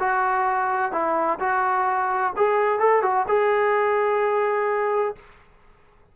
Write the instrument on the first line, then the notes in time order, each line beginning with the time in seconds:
trombone
0.00 F#4
0.92 E4
1.40 F#4
2.37 G#4
2.80 A4
3.03 F#4
3.29 G#4